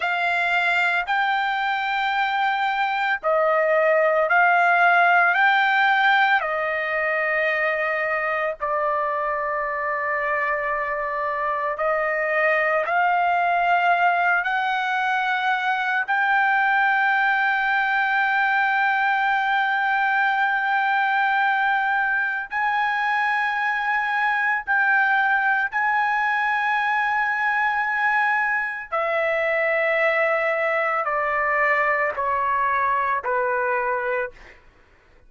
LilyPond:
\new Staff \with { instrumentName = "trumpet" } { \time 4/4 \tempo 4 = 56 f''4 g''2 dis''4 | f''4 g''4 dis''2 | d''2. dis''4 | f''4. fis''4. g''4~ |
g''1~ | g''4 gis''2 g''4 | gis''2. e''4~ | e''4 d''4 cis''4 b'4 | }